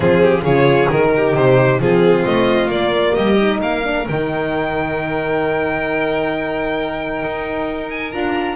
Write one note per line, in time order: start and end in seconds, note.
0.00 0.42 F3
0.00 0.42 C4
0.00 0.22 F4
0.00 0.44 G#4
0.22 0.43 G4
0.42 0.87 C#3
0.42 0.90 F4
0.42 1.10 G#4
0.42 0.89 C#5
0.90 1.34 D#3
0.90 1.80 D#4
0.90 1.35 A#4
1.15 1.81 G4
1.34 1.79 C3
1.34 1.80 C5
1.79 2.24 F3
1.79 2.70 C4
1.79 3.14 F4
1.79 2.25 G#4
2.25 2.66 A3
2.25 2.70 D#5
2.66 3.12 A#3
2.66 3.37 A#3
2.66 3.15 D5
3.14 3.61 G3
3.14 3.60 G4
3.14 3.60 D#5
3.37 3.83 D#4
3.60 4.07 A#3
3.60 8.56 A#4
3.60 4.07 F5
3.83 4.06 D4
4.08 7.23 D#3
4.08 8.12 D#4
4.08 7.90 G5
7.23 8.13 D#4
7.90 8.11 G#5
8.11 8.56 D4
8.11 8.56 F4
8.11 8.56 A#5